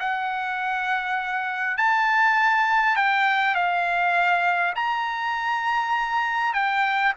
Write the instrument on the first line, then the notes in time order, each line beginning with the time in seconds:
trumpet
0.00 F#5
1.78 A5
2.96 G5
3.55 F5
4.76 A#5
6.54 G5